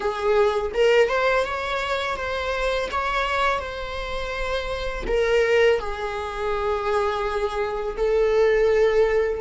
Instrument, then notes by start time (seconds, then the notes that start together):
viola
0.00 G#4
0.74 A#4
1.08 C5
1.45 C#5
2.16 C5
2.91 C#5
3.59 C5
5.07 A#4
5.79 G#4
7.96 A4